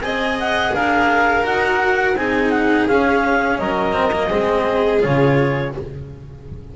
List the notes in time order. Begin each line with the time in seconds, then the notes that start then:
0.00 C4 G#4 D#5 G#5
0.40 F#5
0.75 D4 A#4 F5
1.44 D#4 F#4 F#5
2.14 C4 D#4 G#4 G#5
2.51 F#5
2.88 C#4 F5
3.59 F#3 A#4 D#5
3.93 C4
4.13 A#3
4.28 G#3 C4 G#4
4.99 C#3 F4 C#5